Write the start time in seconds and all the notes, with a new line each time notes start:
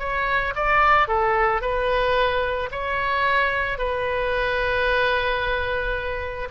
0.00 C#5
0.56 D5
1.08 A4
1.62 B4
2.72 C#5
3.79 B4